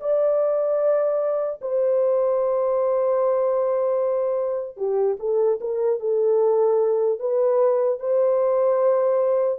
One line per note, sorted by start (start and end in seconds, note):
0.00 1.60 D5
1.61 4.77 C5
4.77 5.17 G4
5.19 5.59 A4
5.61 6.00 A#4
6.00 7.19 A4
7.19 7.99 B4
7.99 9.59 C5